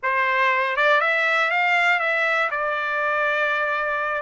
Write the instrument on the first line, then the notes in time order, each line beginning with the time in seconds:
trumpet
0.02 C5
0.76 D5
1.00 E5
1.50 F5
1.99 E5
2.50 D5